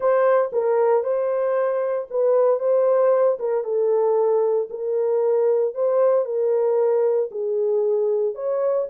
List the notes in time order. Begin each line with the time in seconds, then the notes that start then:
0.00 C5
0.52 A#4
1.03 C5
2.10 B4
2.59 C5
3.39 A#4
3.64 A4
4.70 A#4
5.74 C5
6.25 A#4
7.31 G#4
8.34 C#5